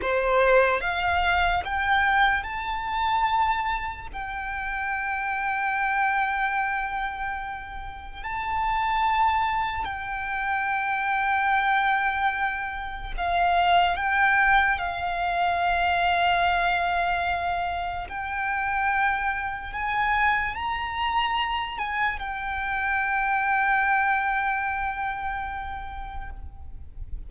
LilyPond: \new Staff \with { instrumentName = "violin" } { \time 4/4 \tempo 4 = 73 c''4 f''4 g''4 a''4~ | a''4 g''2.~ | g''2 a''2 | g''1 |
f''4 g''4 f''2~ | f''2 g''2 | gis''4 ais''4. gis''8 g''4~ | g''1 | }